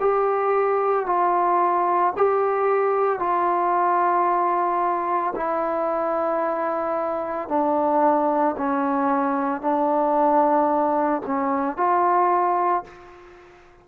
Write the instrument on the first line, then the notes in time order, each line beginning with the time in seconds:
trombone
0.00 G4
1.07 F4
2.17 G4
3.19 F4
5.36 E4
7.49 D4
8.57 C#4
9.61 D4
11.26 C#4
11.77 F4